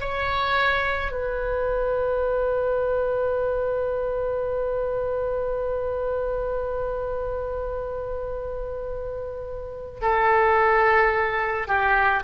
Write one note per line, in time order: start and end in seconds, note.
0.00 1.11 C#5
1.12 10.01 B4
10.01 11.67 A4
11.67 12.23 G4